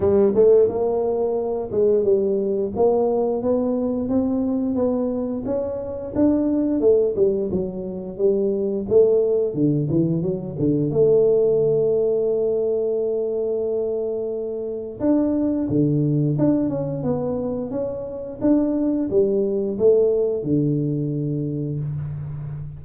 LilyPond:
\new Staff \with { instrumentName = "tuba" } { \time 4/4 \tempo 4 = 88 g8 a8 ais4. gis8 g4 | ais4 b4 c'4 b4 | cis'4 d'4 a8 g8 fis4 | g4 a4 d8 e8 fis8 d8 |
a1~ | a2 d'4 d4 | d'8 cis'8 b4 cis'4 d'4 | g4 a4 d2 | }